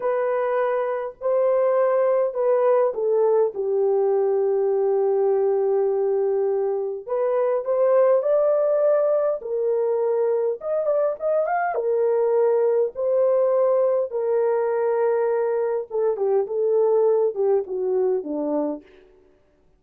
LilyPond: \new Staff \with { instrumentName = "horn" } { \time 4/4 \tempo 4 = 102 b'2 c''2 | b'4 a'4 g'2~ | g'1 | b'4 c''4 d''2 |
ais'2 dis''8 d''8 dis''8 f''8 | ais'2 c''2 | ais'2. a'8 g'8 | a'4. g'8 fis'4 d'4 | }